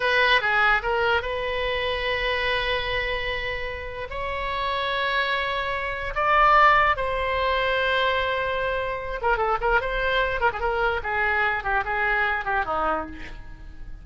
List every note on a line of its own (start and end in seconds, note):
0.00 0.41 B4
0.41 0.82 G#4
0.82 1.22 A#4
1.22 4.07 B4
4.09 6.14 C#5
6.14 6.96 D5
6.96 9.20 C5
9.21 9.37 A#4
9.37 9.57 A4
9.60 9.81 A#4
9.81 10.40 C5
10.40 10.50 A#4
10.53 10.60 G#4
10.60 11.01 A#4
11.03 11.63 G#4
11.63 11.83 G4
11.84 12.45 G#4
12.45 12.65 G4
12.65 13.06 D#4